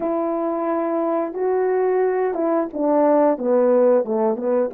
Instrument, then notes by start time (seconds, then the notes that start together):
horn
0.00 E4
1.33 F#4
2.34 E4
2.73 D4
3.37 B3
4.04 A3
4.36 B3